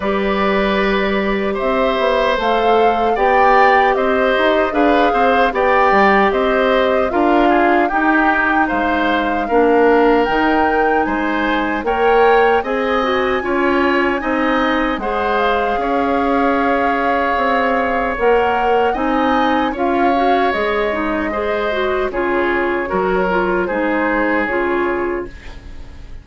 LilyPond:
<<
  \new Staff \with { instrumentName = "flute" } { \time 4/4 \tempo 4 = 76 d''2 e''4 f''4 | g''4 dis''4 f''4 g''4 | dis''4 f''4 g''4 f''4~ | f''4 g''4 gis''4 g''4 |
gis''2. fis''8 f''8~ | f''2. fis''4 | gis''4 f''4 dis''2 | cis''2 c''4 cis''4 | }
  \new Staff \with { instrumentName = "oboe" } { \time 4/4 b'2 c''2 | d''4 c''4 b'8 c''8 d''4 | c''4 ais'8 gis'8 g'4 c''4 | ais'2 c''4 cis''4 |
dis''4 cis''4 dis''4 c''4 | cis''1 | dis''4 cis''2 c''4 | gis'4 ais'4 gis'2 | }
  \new Staff \with { instrumentName = "clarinet" } { \time 4/4 g'2. a'4 | g'2 gis'4 g'4~ | g'4 f'4 dis'2 | d'4 dis'2 ais'4 |
gis'8 fis'8 f'4 dis'4 gis'4~ | gis'2. ais'4 | dis'4 f'8 fis'8 gis'8 dis'8 gis'8 fis'8 | f'4 fis'8 f'8 dis'4 f'4 | }
  \new Staff \with { instrumentName = "bassoon" } { \time 4/4 g2 c'8 b8 a4 | b4 c'8 dis'8 d'8 c'8 b8 g8 | c'4 d'4 dis'4 gis4 | ais4 dis4 gis4 ais4 |
c'4 cis'4 c'4 gis4 | cis'2 c'4 ais4 | c'4 cis'4 gis2 | cis4 fis4 gis4 cis4 | }
>>